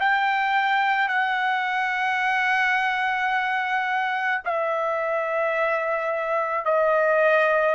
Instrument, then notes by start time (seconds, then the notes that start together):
trumpet
0.00 G5
1.09 F#5
4.45 E5
6.65 D#5